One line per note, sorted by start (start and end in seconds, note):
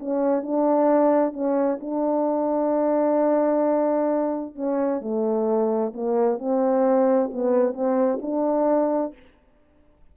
0.00 0.43 C#4
0.43 1.33 D4
1.33 1.79 C#4
1.81 4.56 D4
4.56 5.02 C#4
5.02 5.93 A3
5.94 6.39 A#3
6.39 7.31 C4
7.34 7.74 B3
7.74 8.19 C4
8.22 9.14 D4